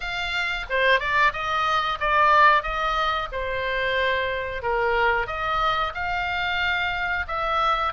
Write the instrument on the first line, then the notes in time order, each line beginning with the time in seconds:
oboe
0.00 F5
0.69 C5
0.99 D5
1.32 D#5
2.00 D5
2.62 D#5
3.31 C5
4.62 A#4
5.27 D#5
5.94 F5
7.27 E5